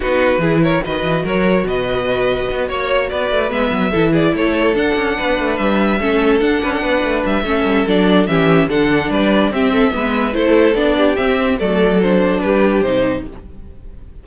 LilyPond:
<<
  \new Staff \with { instrumentName = "violin" } { \time 4/4 \tempo 4 = 145 b'4. cis''8 dis''4 cis''4 | dis''2~ dis''8 cis''4 d''8~ | d''8 e''4. d''8 cis''4 fis''8~ | fis''4. e''2 fis''8~ |
fis''4. e''4. d''4 | e''4 fis''4 d''4 e''4~ | e''4 c''4 d''4 e''4 | d''4 c''4 b'4 c''4 | }
  \new Staff \with { instrumentName = "violin" } { \time 4/4 fis'4 gis'8 ais'8 b'4 ais'4 | b'2~ b'8 cis''4 b'8~ | b'4. a'8 gis'8 a'4.~ | a'8 b'2 a'4. |
b'16 a'16 b'4. a'2 | g'4 a'4 b'4 g'8 a'8 | b'4 a'4. g'4. | a'2 g'2 | }
  \new Staff \with { instrumentName = "viola" } { \time 4/4 dis'4 e'4 fis'2~ | fis'1~ | fis'8 b4 e'2 d'8~ | d'2~ d'8 cis'4 d'8~ |
d'2 cis'4 d'4 | cis'4 d'2 c'4 | b4 e'4 d'4 c'4 | a4 d'2 dis'4 | }
  \new Staff \with { instrumentName = "cello" } { \time 4/4 b4 e4 dis8 e8 fis4 | b,2 b8 ais4 b8 | a8 gis8 fis8 e4 a4 d'8 | cis'8 b8 a8 g4 a4 d'8 |
cis'8 b8 a8 g8 a8 g8 fis4 | e4 d4 g4 c'4 | gis4 a4 b4 c'4 | fis2 g4 c4 | }
>>